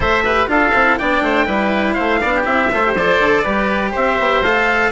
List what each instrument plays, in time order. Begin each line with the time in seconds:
0.00 bassoon A3, cello A4, oboe C5, trumpet E5
0.24 cello G4, oboe B4
0.47 bassoon D4, cello F4, oboe A4, trumpet F5
0.73 bassoon C4, cello E4
0.98 bassoon B3, cello D4, oboe D5, trumpet G5
1.21 bassoon A3, oboe C5
1.45 bassoon G3, cello E4, oboe B4
1.93 bassoon A3, oboe C5, trumpet F5
2.21 bassoon B3, cello D4, oboe D5
2.34 oboe G4
2.44 bassoon C4, cello E4, trumpet E5
2.72 bassoon A3, cello F4, oboe C5
2.83 cello G4
2.95 bassoon F3, cello A4, trumpet D5
3.18 bassoon D3
3.42 bassoon G3, cello G4, oboe B4
3.91 bassoon C4, oboe C5, trumpet E5
4.19 bassoon B3
4.41 bassoon A3, cello A4, trumpet F5